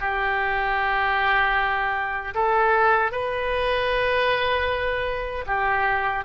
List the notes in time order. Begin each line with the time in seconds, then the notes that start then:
0.00 G4
2.34 A4
3.11 B4
5.46 G4